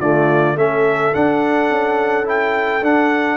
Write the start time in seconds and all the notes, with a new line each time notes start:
0.00 D3 A3 F4 D5
0.55 A3 C#4 A4 E5
1.15 D4 F#5
1.71 C#4
2.25 E4 G5
2.82 D4 F#5